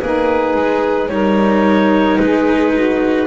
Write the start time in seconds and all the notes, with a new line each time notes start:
0.00 A#3 D#4 G#4 B4
0.56 G#3
1.09 G3 D#4 A#4 C#5
2.18 G#3 G#4 B4
2.73 F#4